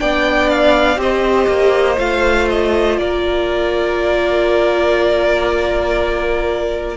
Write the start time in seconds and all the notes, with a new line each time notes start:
0.00 B3 D4 D5 G5
0.50 F5
0.97 C4 G4 C5 D#5
1.48 A#3
1.98 A3 F4 F5
2.50 D#5
2.98 A#3 A#4 D5